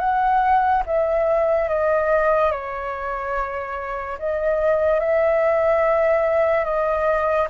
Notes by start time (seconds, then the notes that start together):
0.00 F#5
0.86 E5
1.69 D#5
2.52 C#5
4.19 D#5
5.00 E5
6.65 D#5